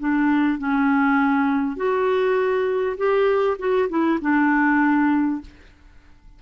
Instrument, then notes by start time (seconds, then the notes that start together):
clarinet
0.00 D4
0.59 C#4
1.77 F#4
2.98 G4
3.59 F#4
3.89 E4
4.22 D4